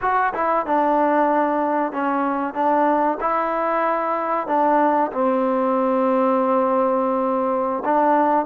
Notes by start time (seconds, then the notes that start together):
0.01 F#4
0.34 E4
0.66 D4
1.92 C#4
2.54 D4
3.20 E4
4.47 D4
5.12 C4
7.84 D4